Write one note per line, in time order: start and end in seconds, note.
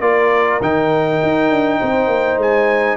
0.00 0.59 A#3
0.00 0.61 F4
0.00 1.78 A#4
0.00 0.60 D5
0.61 1.20 D#3
0.61 2.96 D#4
0.61 2.40 G5
1.22 1.49 D#4
1.49 1.79 D4
1.79 2.07 C4
1.79 2.96 C5
2.07 2.37 A#3
2.37 2.96 G#3
2.37 2.96 G#5